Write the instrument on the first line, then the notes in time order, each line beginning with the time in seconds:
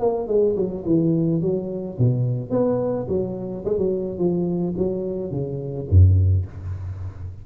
tuba
0.00 A#3
0.28 G#3
0.56 F#3
0.85 E3
1.42 F#3
1.98 B2
2.50 B3
3.08 F#3
3.65 G#3
3.78 F#3
4.18 F3
4.77 F#3
5.31 C#3
5.90 F#2